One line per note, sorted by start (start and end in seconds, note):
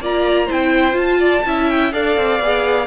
0.00 0.48 A#3
0.00 0.48 F4
0.00 0.45 D5
0.00 0.51 A#5
0.45 0.93 E4
0.45 1.17 C5
0.45 0.97 G5
0.52 0.93 C4
0.93 1.41 F4
0.93 1.69 A5
1.20 1.44 D5
1.45 1.93 C#4
1.45 1.92 E4
1.45 1.93 E5
1.69 1.92 G5
1.92 2.17 D4
1.92 2.40 A4
1.92 2.87 D5
1.92 2.87 F5
2.17 2.39 C4
2.39 2.87 B3
2.39 2.87 G#4